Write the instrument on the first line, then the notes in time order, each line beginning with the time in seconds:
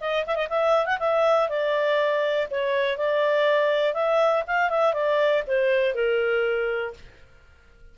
clarinet
0.00 D#5
0.26 E5
0.35 D#5
0.49 E5
0.86 F#5
0.99 E5
1.49 D5
2.50 C#5
2.97 D5
3.94 E5
4.47 F5
4.70 E5
4.93 D5
5.47 C5
5.95 A#4